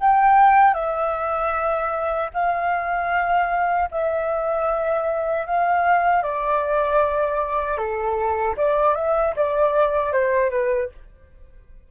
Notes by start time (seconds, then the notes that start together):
0.00 G5
0.74 E5
2.33 F5
3.91 E5
5.46 F5
6.22 D5
7.77 A4
8.56 D5
8.95 E5
9.36 D5
10.12 C5
10.50 B4